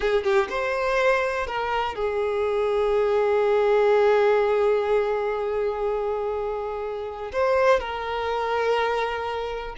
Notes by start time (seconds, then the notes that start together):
0.00 G#4
0.23 G4
0.49 C5
1.46 A#4
1.95 G#4
7.32 C5
7.80 A#4